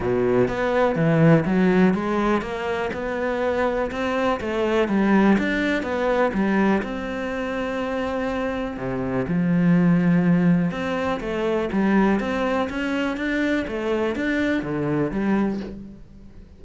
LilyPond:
\new Staff \with { instrumentName = "cello" } { \time 4/4 \tempo 4 = 123 b,4 b4 e4 fis4 | gis4 ais4 b2 | c'4 a4 g4 d'4 | b4 g4 c'2~ |
c'2 c4 f4~ | f2 c'4 a4 | g4 c'4 cis'4 d'4 | a4 d'4 d4 g4 | }